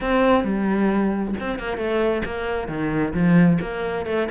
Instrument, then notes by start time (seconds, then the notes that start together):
cello
0.00 C4
0.44 G3
1.40 C4
1.59 A#3
1.77 A3
2.25 A#3
2.68 D#3
3.13 F3
3.61 A#3
4.06 A3